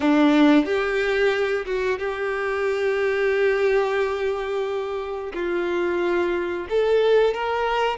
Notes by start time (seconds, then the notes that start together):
0.00 D4
0.65 G4
1.65 F#4
1.98 G4
5.33 F4
6.69 A4
7.34 A#4